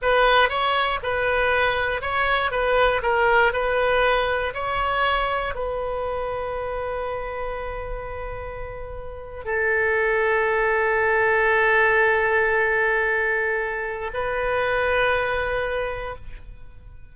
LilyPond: \new Staff \with { instrumentName = "oboe" } { \time 4/4 \tempo 4 = 119 b'4 cis''4 b'2 | cis''4 b'4 ais'4 b'4~ | b'4 cis''2 b'4~ | b'1~ |
b'2~ b'8. a'4~ a'16~ | a'1~ | a'1 | b'1 | }